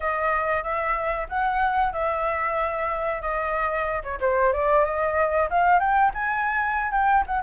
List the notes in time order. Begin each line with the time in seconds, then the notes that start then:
0.00 D#5
0.63 E5
1.28 F#5
1.92 E5
3.21 D#5
4.03 C#5
4.20 C5
4.52 D5
4.84 D#5
5.50 F5
5.79 G5
6.13 G#5
6.91 G5
7.26 F#5